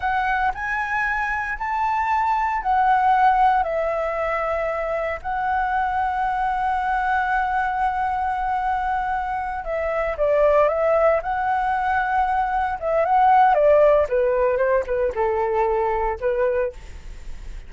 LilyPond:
\new Staff \with { instrumentName = "flute" } { \time 4/4 \tempo 4 = 115 fis''4 gis''2 a''4~ | a''4 fis''2 e''4~ | e''2 fis''2~ | fis''1~ |
fis''2~ fis''8 e''4 d''8~ | d''8 e''4 fis''2~ fis''8~ | fis''8 e''8 fis''4 d''4 b'4 | c''8 b'8 a'2 b'4 | }